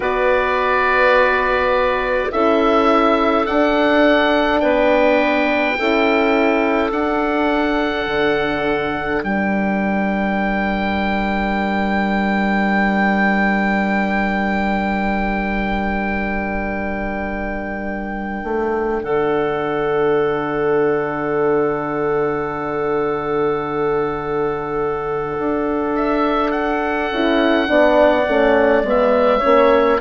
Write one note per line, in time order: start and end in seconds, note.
0.00 2.30 B3
0.00 2.31 F#4
0.00 2.30 B4
0.00 2.32 D5
2.31 3.46 C#4
2.31 3.46 E4
2.31 4.61 A4
2.31 3.46 E5
3.46 5.77 D4
3.46 4.62 D4
3.46 4.60 F#5
4.60 5.77 B3
4.60 5.76 B4
4.60 6.90 G5
5.77 6.91 C#4
5.77 6.93 E4
5.77 9.24 A4
6.91 8.06 D4
6.91 27.12 D4
6.91 9.23 F#5
8.06 9.22 D3
9.22 18.43 G3
9.22 19.02 A#4
9.22 19.03 G5
18.43 19.01 A3
19.02 25.38 D3
19.02 27.68 A4
19.02 25.95 F#5
25.38 27.11 D4
25.95 26.51 E5
26.51 28.81 F#5
27.11 27.69 C#4
27.11 27.67 E4
27.67 28.26 B3
27.67 28.25 D4
27.67 29.38 D5
28.27 28.82 A3
28.27 28.85 C#4
28.82 29.40 G#3
28.82 29.41 B3
28.89 30.00 E5
29.38 29.99 C#4
29.38 29.96 C#5
29.44 30.00 A#3